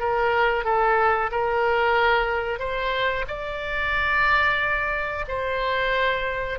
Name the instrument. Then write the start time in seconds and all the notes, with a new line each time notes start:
oboe
0.00 A#4
0.65 A4
1.32 A#4
2.60 C5
3.28 D5
5.29 C5